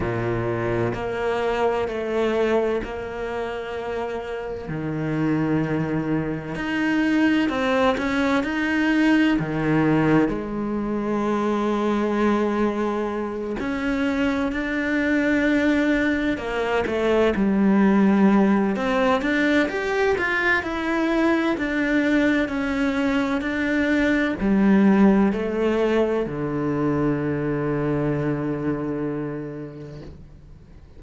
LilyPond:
\new Staff \with { instrumentName = "cello" } { \time 4/4 \tempo 4 = 64 ais,4 ais4 a4 ais4~ | ais4 dis2 dis'4 | c'8 cis'8 dis'4 dis4 gis4~ | gis2~ gis8 cis'4 d'8~ |
d'4. ais8 a8 g4. | c'8 d'8 g'8 f'8 e'4 d'4 | cis'4 d'4 g4 a4 | d1 | }